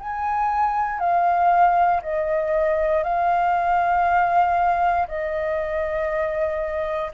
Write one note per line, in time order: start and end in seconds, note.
0.00 1.00 G#5
1.00 2.02 F5
2.03 3.04 D#5
3.04 5.08 F5
5.08 7.12 D#5